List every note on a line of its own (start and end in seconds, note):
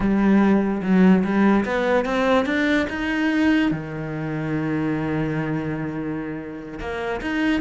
0.00 0.81 G3
0.82 1.23 F#3
1.23 1.65 G3
1.65 2.05 B3
2.05 2.45 C4
2.45 2.86 D4
2.89 3.71 D#4
3.71 6.79 D#3
6.79 7.20 A#3
7.21 7.60 D#4